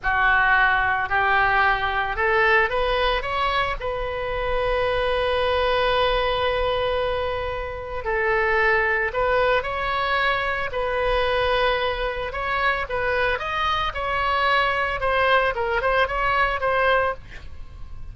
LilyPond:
\new Staff \with { instrumentName = "oboe" } { \time 4/4 \tempo 4 = 112 fis'2 g'2 | a'4 b'4 cis''4 b'4~ | b'1~ | b'2. a'4~ |
a'4 b'4 cis''2 | b'2. cis''4 | b'4 dis''4 cis''2 | c''4 ais'8 c''8 cis''4 c''4 | }